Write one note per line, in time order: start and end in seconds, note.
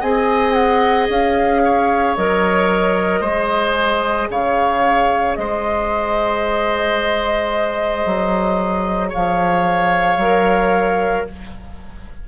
0.00 1.08 C4
0.00 2.17 G#4
0.00 1.61 D#5
0.00 0.53 G#5
0.53 1.06 F#5
1.08 2.16 C#4
1.08 2.16 F5
1.64 3.20 C#5
2.16 3.21 F#3
2.16 3.24 A#4
2.16 4.30 D#5
3.20 4.28 G#3
3.20 10.20 G#4
3.20 4.27 C5
4.29 5.36 C#3
4.29 5.38 C#5
4.29 5.35 F5
5.35 8.05 G#3
5.35 9.09 C5
5.35 9.10 D#5
8.05 9.12 F#3
9.09 11.23 C#5
9.09 11.27 F5
9.15 10.17 F3
10.17 11.24 F#3
10.17 11.28 A#4